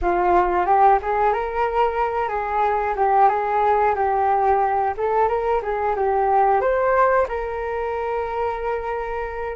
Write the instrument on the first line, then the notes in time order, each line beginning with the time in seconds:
flute
0.01 F4
0.66 G4
1.02 G#4
1.33 A#4
2.28 G#4
2.96 G4
3.28 G#4
3.95 G4
4.97 A4
5.28 A#4
5.62 G#4
5.96 G4
6.61 C5
7.28 A#4